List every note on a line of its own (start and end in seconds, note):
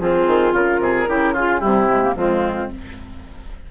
0.00 0.27 F3
0.00 0.53 C4
0.00 1.08 F4
0.00 0.54 G#4
0.27 0.54 D#3
0.53 0.80 C#3
0.53 0.80 F4
0.53 1.35 A#4
0.80 1.07 C3
0.80 1.09 G#4
1.08 1.63 C#3
1.08 1.35 E4
1.08 1.34 G4
1.34 1.60 F4
1.34 1.61 G#4
1.60 2.15 C3
1.60 1.87 G3
1.60 2.14 E4
1.60 2.15 G4
1.90 2.02 G#3
2.02 2.16 A#3
2.15 2.69 F2
2.15 2.71 G#3
2.15 2.71 C4
2.15 2.71 F4